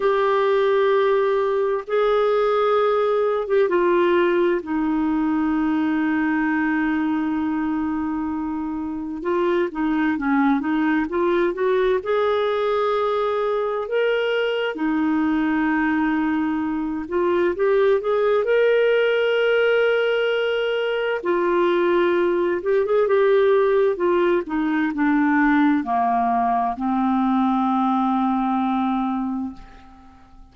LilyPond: \new Staff \with { instrumentName = "clarinet" } { \time 4/4 \tempo 4 = 65 g'2 gis'4.~ gis'16 g'16 | f'4 dis'2.~ | dis'2 f'8 dis'8 cis'8 dis'8 | f'8 fis'8 gis'2 ais'4 |
dis'2~ dis'8 f'8 g'8 gis'8 | ais'2. f'4~ | f'8 g'16 gis'16 g'4 f'8 dis'8 d'4 | ais4 c'2. | }